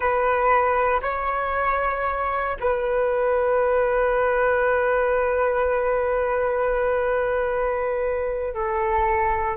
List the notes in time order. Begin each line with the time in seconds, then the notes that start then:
0.00 B4
1.02 C#5
2.60 B4
8.53 A4